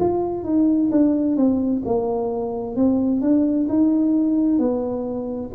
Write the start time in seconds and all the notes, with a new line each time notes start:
0.00 F4
0.44 D#4
0.91 D4
1.37 C4
1.85 A#3
2.77 C4
3.22 D4
3.69 D#4
4.59 B3